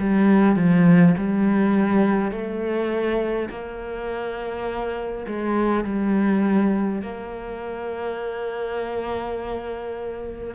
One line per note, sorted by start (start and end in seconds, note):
0.00 0.56 G3
0.56 1.15 F3
1.18 2.32 G3
2.32 3.49 A3
3.50 5.27 A#3
5.27 5.84 G#3
5.84 7.02 G3
7.02 10.55 A#3